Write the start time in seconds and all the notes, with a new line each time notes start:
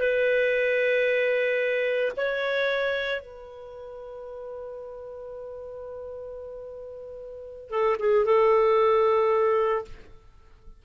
0.00 B4
2.17 C#5
3.21 B4
7.70 A4
8.00 G#4
8.26 A4